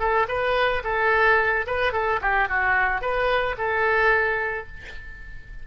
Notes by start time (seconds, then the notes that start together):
0.00 A4
0.29 B4
0.84 A4
1.67 B4
1.93 A4
2.22 G4
2.49 F#4
3.02 B4
3.58 A4